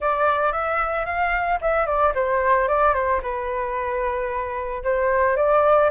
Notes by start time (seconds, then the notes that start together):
0.00 D5
0.52 E5
1.05 F5
1.61 E5
1.86 D5
2.15 C5
2.68 D5
2.93 C5
3.22 B4
4.83 C5
5.36 D5